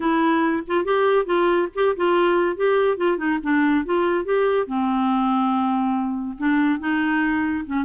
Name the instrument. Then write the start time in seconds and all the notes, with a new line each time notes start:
clarinet
0.00 E4
0.67 F4
0.84 G4
1.25 F4
1.74 G4
1.96 F4
2.56 G4
2.97 F4
3.17 D#4
3.43 D4
3.85 F4
4.24 G4
4.67 C4
6.38 D4
6.79 D#4
7.66 C#4